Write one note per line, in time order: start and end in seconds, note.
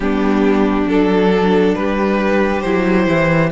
0.00 0.85 G3
0.00 0.89 B3
0.00 1.76 D4
0.00 0.88 G4
0.86 1.75 F#3
0.86 2.65 D4
0.86 1.75 A4
1.75 2.64 G3
1.75 3.51 G4
1.75 2.61 B4
2.61 3.06 F#3
2.61 3.51 E4
2.61 3.50 C5
3.06 3.51 E3